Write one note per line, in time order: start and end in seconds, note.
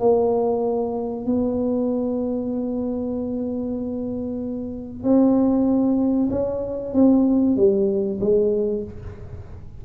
0.00 1.26 A#3
1.26 5.03 B3
5.03 6.30 C4
6.31 6.94 C#4
6.94 7.56 C4
7.56 8.20 G3
8.21 8.84 G#3